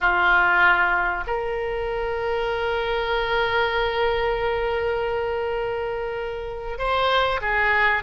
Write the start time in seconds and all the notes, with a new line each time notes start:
0.00 F4
1.26 A#4
6.78 C5
7.41 G#4